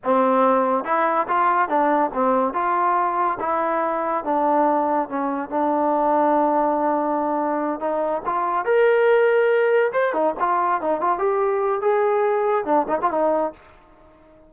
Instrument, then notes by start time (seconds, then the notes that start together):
trombone
0.03 C4
0.84 E4
1.28 F4
1.68 D4
2.13 C4
2.53 F4
3.39 E4
4.24 D4
5.08 C#4
5.49 D4
7.79 D#4
8.25 F4
8.65 A#4
9.92 C5
10.13 D#4
10.39 F4
10.81 D#4
11.00 F4
11.18 G4
11.81 G#4
12.65 D4
12.88 D#4
13.01 F4
13.10 D#4